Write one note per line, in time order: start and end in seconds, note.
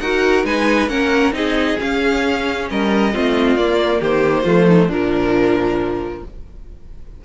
0.00 0.44 D#4
0.00 0.45 F#4
0.00 0.46 A#4
0.00 0.44 F#5
0.44 0.88 G#3
0.44 0.89 D#4
0.44 0.90 B4
0.44 0.89 G#5
0.88 1.32 A#3
0.88 1.32 C#4
0.88 1.34 A#4
0.88 1.33 F#5
1.32 1.77 C4
1.32 1.77 D#4
1.32 2.69 G#4
1.32 1.79 D#5
1.79 3.12 C#4
1.79 2.70 C#4
1.79 2.69 F5
2.70 3.15 G3
2.70 3.14 A#4
2.70 3.56 D#5
3.14 3.56 A3
3.14 3.58 C4
3.14 4.00 F4
3.56 4.01 A#3
3.56 4.46 A#3
3.56 4.01 D5
4.00 4.45 D#3
4.00 4.44 G4
4.00 4.91 C5
4.44 4.89 F3
4.44 4.91 A3
4.44 4.66 F4
4.67 4.87 D#4
4.87 6.22 A#2
4.87 6.25 F3
4.87 6.21 D4
4.87 6.24 A#4